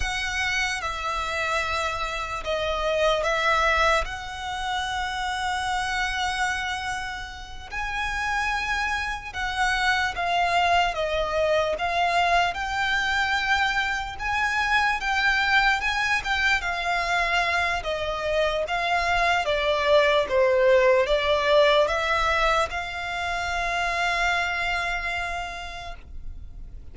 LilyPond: \new Staff \with { instrumentName = "violin" } { \time 4/4 \tempo 4 = 74 fis''4 e''2 dis''4 | e''4 fis''2.~ | fis''4. gis''2 fis''8~ | fis''8 f''4 dis''4 f''4 g''8~ |
g''4. gis''4 g''4 gis''8 | g''8 f''4. dis''4 f''4 | d''4 c''4 d''4 e''4 | f''1 | }